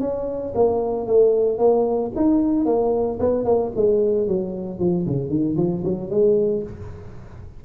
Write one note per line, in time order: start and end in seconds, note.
0.00 0.53 C#4
0.55 1.06 A#3
1.06 1.58 A3
1.58 2.11 A#3
2.16 2.65 D#4
2.65 3.18 A#3
3.19 3.44 B3
3.44 3.71 A#3
3.76 4.27 G#3
4.27 4.79 F#3
4.79 5.05 F3
5.06 5.29 C#3
5.29 5.56 D#3
5.56 5.83 F3
5.84 6.10 F#3
6.10 6.63 G#3